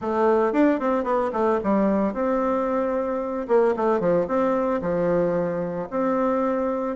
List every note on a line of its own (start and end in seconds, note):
0.01 0.52 A3
0.52 0.79 D4
0.79 1.04 C4
1.04 1.31 B3
1.33 1.59 A3
1.63 2.13 G3
2.13 3.47 C4
3.48 3.75 A#3
3.76 4.00 A3
4.00 4.27 F3
4.27 4.81 C4
4.81 5.88 F3
5.90 6.96 C4